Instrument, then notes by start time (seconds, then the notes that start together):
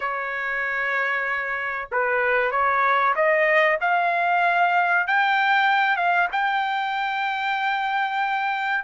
trumpet
0.00 C#5
1.91 B4
2.51 C#5
3.16 D#5
3.81 F5
5.07 G5
5.96 F5
6.32 G5